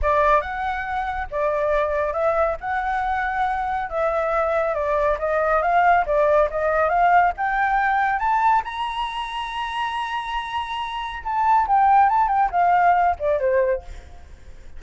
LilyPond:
\new Staff \with { instrumentName = "flute" } { \time 4/4 \tempo 4 = 139 d''4 fis''2 d''4~ | d''4 e''4 fis''2~ | fis''4 e''2 d''4 | dis''4 f''4 d''4 dis''4 |
f''4 g''2 a''4 | ais''1~ | ais''2 a''4 g''4 | a''8 g''8 f''4. d''8 c''4 | }